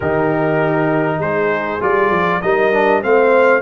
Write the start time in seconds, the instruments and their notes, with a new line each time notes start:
0.00 tuba D#3, trombone D#4, horn G4, trumpet A#4
1.18 tuba G#3, horn G#4, trumpet C5
1.80 tuba G3, trombone F4, trumpet D5
2.10 tuba F3
2.41 tuba G3, trombone D#4, horn A#4, trumpet D#5
2.72 trombone D4
3.02 tuba A3, trombone C4, horn C5, trumpet F5